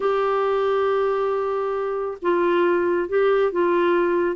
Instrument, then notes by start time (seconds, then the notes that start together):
clarinet
0.00 G4
2.21 F4
3.08 G4
3.52 F4